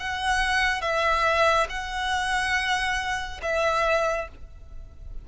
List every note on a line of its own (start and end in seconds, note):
0.00 0.82 F#5
0.82 1.68 E5
1.69 3.41 F#5
3.43 4.29 E5